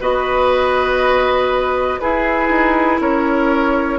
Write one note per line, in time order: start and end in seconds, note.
0.00 2.00 B3
0.00 2.01 F#4
0.00 2.01 B4
0.00 2.00 D#5
2.00 3.99 E4
2.00 2.49 E4
2.00 3.01 G#4
2.00 3.00 B4
2.49 2.99 D#4
3.00 3.99 C#4
3.00 3.99 A#4
3.00 3.99 C#5